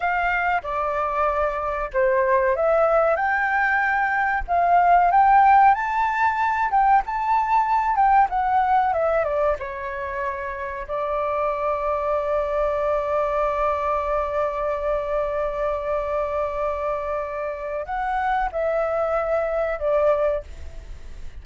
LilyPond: \new Staff \with { instrumentName = "flute" } { \time 4/4 \tempo 4 = 94 f''4 d''2 c''4 | e''4 g''2 f''4 | g''4 a''4. g''8 a''4~ | a''8 g''8 fis''4 e''8 d''8 cis''4~ |
cis''4 d''2.~ | d''1~ | d''1 | fis''4 e''2 d''4 | }